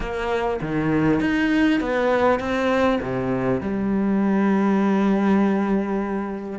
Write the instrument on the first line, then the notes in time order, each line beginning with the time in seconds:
cello
0.00 A#3
0.61 D#3
1.20 D#4
1.80 B3
2.39 C4
3.01 C3
3.61 G3